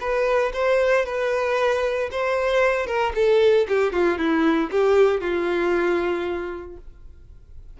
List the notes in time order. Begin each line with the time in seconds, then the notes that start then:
0.00 B4
0.53 C5
1.05 B4
2.11 C5
2.86 A#4
3.15 A4
3.68 G4
3.92 F4
4.18 E4
4.71 G4
5.20 F4